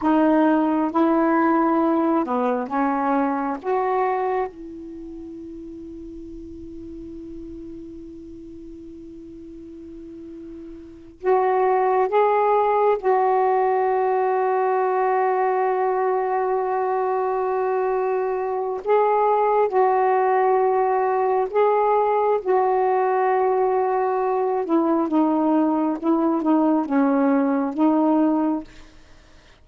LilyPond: \new Staff \with { instrumentName = "saxophone" } { \time 4/4 \tempo 4 = 67 dis'4 e'4. b8 cis'4 | fis'4 e'2.~ | e'1~ | e'8 fis'4 gis'4 fis'4.~ |
fis'1~ | fis'4 gis'4 fis'2 | gis'4 fis'2~ fis'8 e'8 | dis'4 e'8 dis'8 cis'4 dis'4 | }